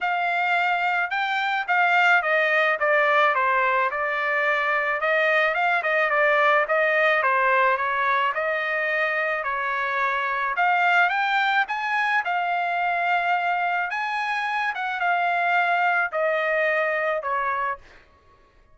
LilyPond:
\new Staff \with { instrumentName = "trumpet" } { \time 4/4 \tempo 4 = 108 f''2 g''4 f''4 | dis''4 d''4 c''4 d''4~ | d''4 dis''4 f''8 dis''8 d''4 | dis''4 c''4 cis''4 dis''4~ |
dis''4 cis''2 f''4 | g''4 gis''4 f''2~ | f''4 gis''4. fis''8 f''4~ | f''4 dis''2 cis''4 | }